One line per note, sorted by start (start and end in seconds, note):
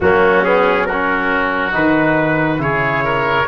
0.00 1.74 F#3
0.00 0.44 A#3
0.00 0.87 C#4
0.00 0.44 F#4
0.44 0.88 B3
0.44 0.85 G#4
0.85 2.61 F#4
0.85 1.72 A#4
0.91 1.71 C#4
1.71 2.59 D#3
1.71 2.58 D#4
1.71 2.61 B4
2.58 3.46 C#3
2.58 3.45 E4
2.58 3.04 G#4
2.58 3.47 C#5
3.04 3.47 A#4